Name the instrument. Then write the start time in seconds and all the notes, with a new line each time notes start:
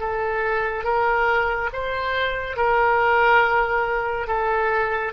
oboe
0.00 A4
0.84 A#4
1.73 C5
2.56 A#4
4.27 A4